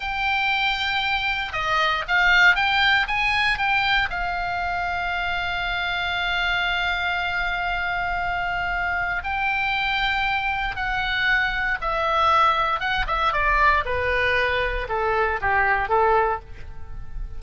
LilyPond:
\new Staff \with { instrumentName = "oboe" } { \time 4/4 \tempo 4 = 117 g''2. dis''4 | f''4 g''4 gis''4 g''4 | f''1~ | f''1~ |
f''2 g''2~ | g''4 fis''2 e''4~ | e''4 fis''8 e''8 d''4 b'4~ | b'4 a'4 g'4 a'4 | }